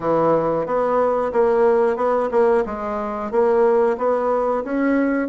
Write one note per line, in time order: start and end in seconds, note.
0.00 0.66 E3
0.66 1.32 B3
1.32 1.96 A#3
1.96 2.29 B3
2.31 2.64 A#3
2.65 3.31 G#3
3.31 3.97 A#3
3.97 4.63 B3
4.64 5.28 C#4